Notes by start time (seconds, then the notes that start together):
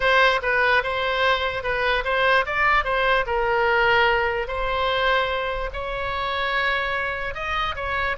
0.00 C5
0.42 B4
0.83 C5
1.63 B4
2.04 C5
2.46 D5
2.84 C5
3.26 A#4
4.47 C5
5.73 C#5
7.34 D#5
7.75 C#5